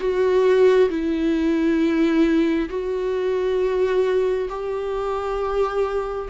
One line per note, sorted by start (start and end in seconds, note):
0.00 0.90 F#4
0.90 2.69 E4
2.69 4.49 F#4
4.49 6.28 G4